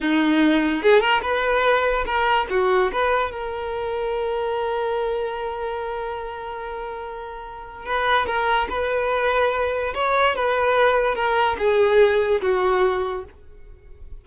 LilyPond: \new Staff \with { instrumentName = "violin" } { \time 4/4 \tempo 4 = 145 dis'2 gis'8 ais'8 b'4~ | b'4 ais'4 fis'4 b'4 | ais'1~ | ais'1~ |
ais'2. b'4 | ais'4 b'2. | cis''4 b'2 ais'4 | gis'2 fis'2 | }